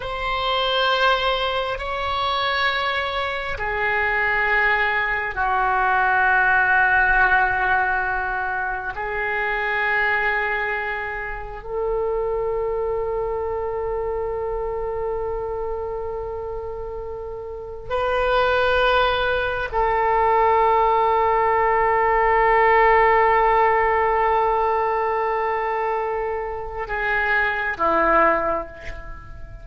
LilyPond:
\new Staff \with { instrumentName = "oboe" } { \time 4/4 \tempo 4 = 67 c''2 cis''2 | gis'2 fis'2~ | fis'2 gis'2~ | gis'4 a'2.~ |
a'1 | b'2 a'2~ | a'1~ | a'2 gis'4 e'4 | }